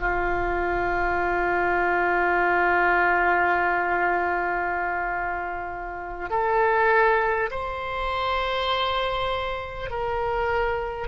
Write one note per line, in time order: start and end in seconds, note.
0.00 6.30 F4
6.30 7.50 A4
7.51 9.90 C5
9.90 11.08 A#4